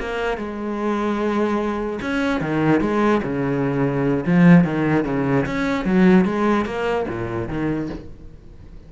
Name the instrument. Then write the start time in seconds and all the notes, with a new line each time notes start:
cello
0.00 A#3
0.38 G#3
2.01 C#4
2.41 D#3
2.81 G#3
3.23 C#3
4.27 F3
4.64 D#3
5.05 C#3
5.46 C#4
5.85 F#3
6.25 G#3
6.66 A#3
7.08 A#2
7.49 D#3